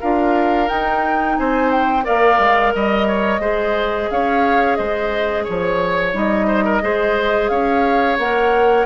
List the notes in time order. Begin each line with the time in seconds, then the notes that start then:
0.00 D4 F4 A#4 F5
0.68 D#4 G5
1.37 C4 C5 G#5
1.71 G5
2.03 A#3 A#4 D5 F5
2.39 G#3
2.75 G3 D#5
3.08 C#5
3.39 G#3 G#4 C5
4.10 C#4 C#5 F5
4.76 G#3 C5 D#5
5.44 F3 C#5
6.13 G3 D#4 D#5
6.47 C5
6.64 A#4
6.82 G#3 G#4 C5
7.48 C#4 C#5 F5
8.18 A#3 A#4 F#5